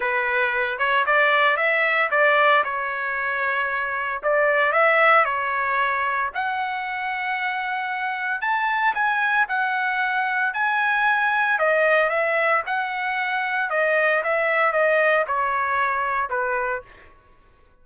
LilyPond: \new Staff \with { instrumentName = "trumpet" } { \time 4/4 \tempo 4 = 114 b'4. cis''8 d''4 e''4 | d''4 cis''2. | d''4 e''4 cis''2 | fis''1 |
a''4 gis''4 fis''2 | gis''2 dis''4 e''4 | fis''2 dis''4 e''4 | dis''4 cis''2 b'4 | }